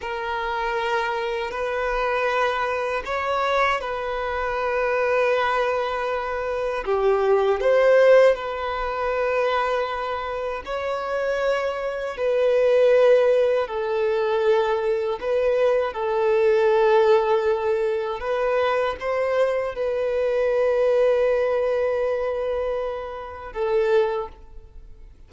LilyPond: \new Staff \with { instrumentName = "violin" } { \time 4/4 \tempo 4 = 79 ais'2 b'2 | cis''4 b'2.~ | b'4 g'4 c''4 b'4~ | b'2 cis''2 |
b'2 a'2 | b'4 a'2. | b'4 c''4 b'2~ | b'2. a'4 | }